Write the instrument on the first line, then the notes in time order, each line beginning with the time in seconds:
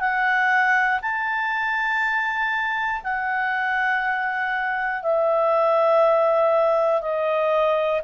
clarinet
0.00 F#5
1.02 A5
3.03 F#5
5.02 E5
7.01 D#5